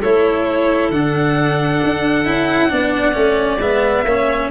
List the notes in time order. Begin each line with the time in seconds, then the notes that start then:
0.00 A3 E4 A4 C#5
0.90 D3 D4 F#5
1.83 D4
2.24 C#4 E4
2.69 B3 D4 D5
3.12 A3 C#4
3.57 G#3 B3 E5
4.04 A#3 C#4 C#5